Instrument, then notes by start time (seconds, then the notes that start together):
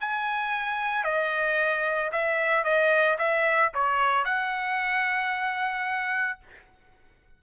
trumpet
0.00 G#5
1.04 D#5
2.12 E5
2.64 D#5
3.18 E5
3.74 C#5
4.25 F#5